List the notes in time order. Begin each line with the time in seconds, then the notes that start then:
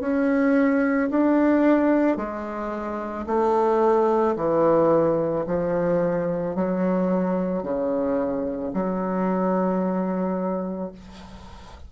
0.00 C#4
1.10 D4
2.16 G#3
3.26 A3
4.36 E3
5.46 F3
6.55 F#3
7.63 C#3
8.73 F#3